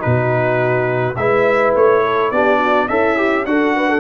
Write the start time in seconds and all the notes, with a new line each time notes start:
0.00 B2 D#4 F#4 B4
1.17 G#3 E4 B4 E5
1.75 A3 C#5
2.04 A4
2.31 B3 D4 G4 D5
2.59 F#4
2.88 C#4 E4 A4 E5
3.17 G4
3.46 D4 F#4 A4 F#5
3.76 B4
3.90 A4